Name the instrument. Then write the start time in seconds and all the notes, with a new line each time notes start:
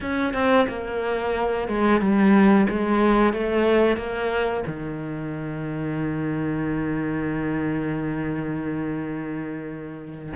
cello
0.00 C#4
0.33 C4
0.68 A#3
1.68 G#3
2.00 G3
2.68 G#3
3.33 A3
3.97 A#3
4.67 D#3